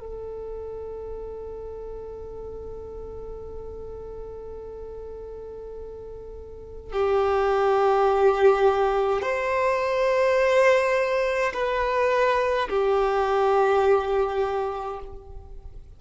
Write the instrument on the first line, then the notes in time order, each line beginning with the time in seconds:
violin
0.00 A4
6.92 G4
9.22 C5
11.54 B4
12.69 G4